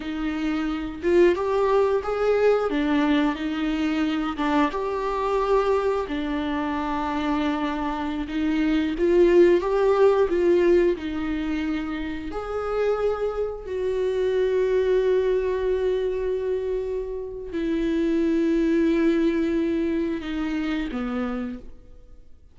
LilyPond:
\new Staff \with { instrumentName = "viola" } { \time 4/4 \tempo 4 = 89 dis'4. f'8 g'4 gis'4 | d'4 dis'4. d'8 g'4~ | g'4 d'2.~ | d'16 dis'4 f'4 g'4 f'8.~ |
f'16 dis'2 gis'4.~ gis'16~ | gis'16 fis'2.~ fis'8.~ | fis'2 e'2~ | e'2 dis'4 b4 | }